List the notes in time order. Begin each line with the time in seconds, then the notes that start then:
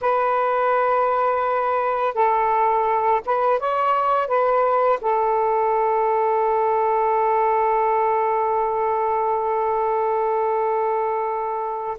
0.01 B4
2.14 A4
3.25 B4
3.59 C#5
4.27 B4
5.01 A4